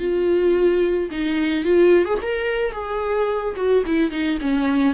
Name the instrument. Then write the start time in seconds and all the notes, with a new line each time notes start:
viola
0.00 F4
1.12 D#4
1.65 F4
2.05 G#4
2.22 A#4
2.72 G#4
3.57 F#4
3.87 E4
4.11 D#4
4.41 C#4